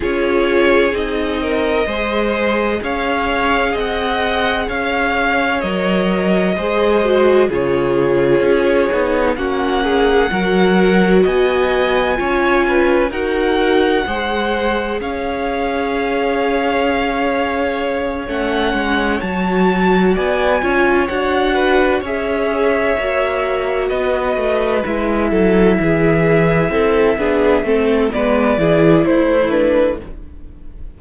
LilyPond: <<
  \new Staff \with { instrumentName = "violin" } { \time 4/4 \tempo 4 = 64 cis''4 dis''2 f''4 | fis''4 f''4 dis''2 | cis''2 fis''2 | gis''2 fis''2 |
f''2.~ f''8 fis''8~ | fis''8 a''4 gis''4 fis''4 e''8~ | e''4. dis''4 e''4.~ | e''2 d''4 c''8 b'8 | }
  \new Staff \with { instrumentName = "violin" } { \time 4/4 gis'4. ais'8 c''4 cis''4 | dis''4 cis''2 c''4 | gis'2 fis'8 gis'8 ais'4 | dis''4 cis''8 b'8 ais'4 c''4 |
cis''1~ | cis''4. d''8 cis''4 b'8 cis''8~ | cis''4. b'4. a'8 gis'8~ | gis'8 a'8 gis'8 a'8 b'8 gis'8 e'4 | }
  \new Staff \with { instrumentName = "viola" } { \time 4/4 f'4 dis'4 gis'2~ | gis'2 ais'4 gis'8 fis'8 | f'4. dis'8 cis'4 fis'4~ | fis'4 f'4 fis'4 gis'4~ |
gis'2.~ gis'8 cis'8~ | cis'8 fis'4. f'8 fis'4 gis'8~ | gis'8 fis'2 e'4.~ | e'4 d'8 c'8 b8 e'4 d'8 | }
  \new Staff \with { instrumentName = "cello" } { \time 4/4 cis'4 c'4 gis4 cis'4 | c'4 cis'4 fis4 gis4 | cis4 cis'8 b8 ais4 fis4 | b4 cis'4 dis'4 gis4 |
cis'2.~ cis'8 a8 | gis8 fis4 b8 cis'8 d'4 cis'8~ | cis'8 ais4 b8 a8 gis8 fis8 e8~ | e8 c'8 b8 a8 gis8 e8 a4 | }
>>